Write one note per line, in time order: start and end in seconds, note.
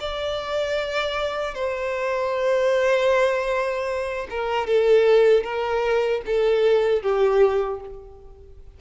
0.00 1.54 D5
1.54 4.27 C5
4.30 4.66 A#4
4.66 5.43 A4
5.43 6.21 A#4
6.26 7.02 A4
7.02 7.80 G4